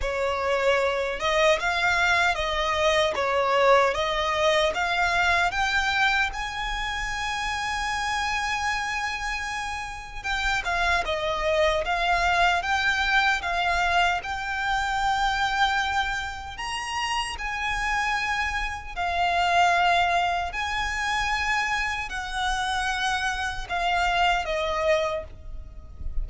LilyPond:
\new Staff \with { instrumentName = "violin" } { \time 4/4 \tempo 4 = 76 cis''4. dis''8 f''4 dis''4 | cis''4 dis''4 f''4 g''4 | gis''1~ | gis''4 g''8 f''8 dis''4 f''4 |
g''4 f''4 g''2~ | g''4 ais''4 gis''2 | f''2 gis''2 | fis''2 f''4 dis''4 | }